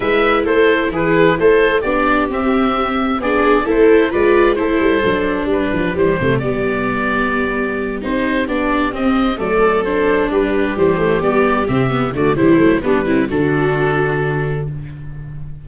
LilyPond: <<
  \new Staff \with { instrumentName = "oboe" } { \time 4/4 \tempo 4 = 131 e''4 c''4 b'4 c''4 | d''4 e''2 d''4 | c''4 d''4 c''2 | b'4 c''4 d''2~ |
d''4. c''4 d''4 dis''8~ | dis''8 d''4 c''4 b'4 c''8~ | c''8 d''4 e''4 d''8 c''4 | b'4 a'2. | }
  \new Staff \with { instrumentName = "viola" } { \time 4/4 b'4 a'4 gis'4 a'4 | g'2. gis'4 | a'4 b'4 a'2 | g'1~ |
g'1~ | g'8 a'2 g'4.~ | g'2~ g'8 fis'8 e'4 | d'8 e'8 fis'2. | }
  \new Staff \with { instrumentName = "viola" } { \time 4/4 e'1 | d'4 c'2 d'4 | e'4 f'4 e'4 d'4~ | d'4 g8 a8 b2~ |
b4. dis'4 d'4 c'8~ | c'8 a4 d'2 g8 | a8 b4 c'8 b8 a8 g8 a8 | b8 c'8 d'2. | }
  \new Staff \with { instrumentName = "tuba" } { \time 4/4 gis4 a4 e4 a4 | b4 c'2 b4 | a4 gis4 a8 g8 fis4 | g8 f8 e8 c8 g2~ |
g4. c'4 b4 c'8~ | c'8 fis2 g4 e8~ | e8 g4 c4 d8 e8 fis8 | g4 d2. | }
>>